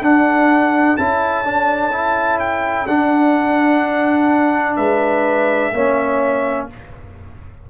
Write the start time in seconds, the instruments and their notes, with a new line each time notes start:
0.00 tuba D4, trombone D4, horn A4, trumpet F#5
0.97 tuba C#4, trombone E4, trumpet A5
1.44 trombone D4
1.91 trombone E4
2.39 trumpet G5
2.87 tuba D4, trombone D4, trumpet F#5
4.76 tuba G#3, horn B4, trumpet E5
5.73 tuba A#3, trombone C#4, horn C#5